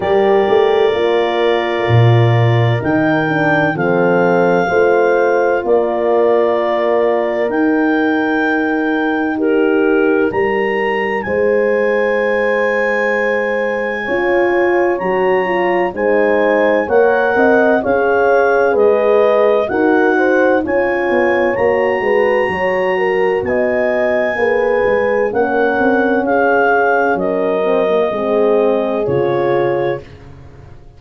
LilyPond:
<<
  \new Staff \with { instrumentName = "clarinet" } { \time 4/4 \tempo 4 = 64 d''2. g''4 | f''2 d''2 | g''2 ais'4 ais''4 | gis''1 |
ais''4 gis''4 fis''4 f''4 | dis''4 fis''4 gis''4 ais''4~ | ais''4 gis''2 fis''4 | f''4 dis''2 cis''4 | }
  \new Staff \with { instrumentName = "horn" } { \time 4/4 ais'1 | a'4 c''4 ais'2~ | ais'2 g'4 ais'4 | c''2. cis''4~ |
cis''4 c''4 cis''8 dis''8 cis''4 | b'4 ais'8 c''8 cis''4. b'8 | cis''8 ais'8 dis''4 b'4 ais'4 | gis'4 ais'4 gis'2 | }
  \new Staff \with { instrumentName = "horn" } { \time 4/4 g'4 f'2 dis'8 d'8 | c'4 f'2. | dis'1~ | dis'2. f'4 |
fis'8 f'8 dis'4 ais'4 gis'4~ | gis'4 fis'4 f'4 fis'4~ | fis'2 gis'4 cis'4~ | cis'4. c'16 ais16 c'4 f'4 | }
  \new Staff \with { instrumentName = "tuba" } { \time 4/4 g8 a8 ais4 ais,4 dis4 | f4 a4 ais2 | dis'2. g4 | gis2. cis'4 |
fis4 gis4 ais8 c'8 cis'4 | gis4 dis'4 cis'8 b8 ais8 gis8 | fis4 b4 ais8 gis8 ais8 c'8 | cis'4 fis4 gis4 cis4 | }
>>